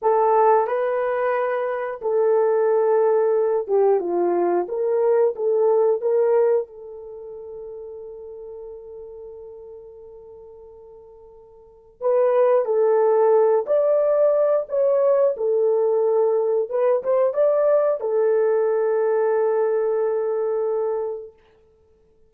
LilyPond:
\new Staff \with { instrumentName = "horn" } { \time 4/4 \tempo 4 = 90 a'4 b'2 a'4~ | a'4. g'8 f'4 ais'4 | a'4 ais'4 a'2~ | a'1~ |
a'2 b'4 a'4~ | a'8 d''4. cis''4 a'4~ | a'4 b'8 c''8 d''4 a'4~ | a'1 | }